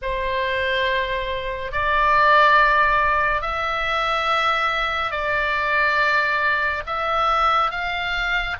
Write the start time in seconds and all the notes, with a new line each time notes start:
0.02 C5
1.71 D5
3.41 E5
5.11 D5
6.86 E5
7.70 F5